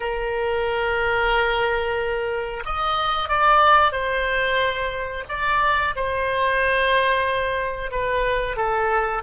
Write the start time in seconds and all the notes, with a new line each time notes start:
0.00 A#4
2.65 D#5
3.28 D5
3.92 C5
5.29 D5
5.95 C5
7.91 B4
8.56 A4